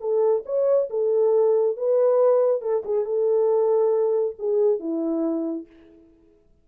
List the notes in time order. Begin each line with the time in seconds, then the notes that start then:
0.00 A4
0.45 C#5
0.90 A4
1.76 B4
2.61 A4
2.85 G#4
3.05 A4
4.39 G#4
4.79 E4